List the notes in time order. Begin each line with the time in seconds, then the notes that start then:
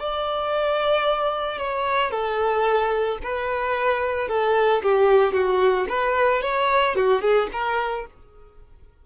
0.00 D5
1.58 C#5
2.11 A4
3.23 B4
4.29 A4
4.83 G4
5.34 F#4
5.89 B4
6.42 C#5
6.96 F#4
7.22 G#4
7.53 A#4